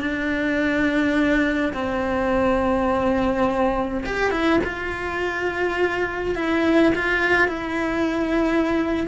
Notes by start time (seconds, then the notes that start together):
0.00 D4
1.74 C4
4.06 G4
4.31 E4
4.64 F4
6.35 E4
6.95 F4
7.48 E4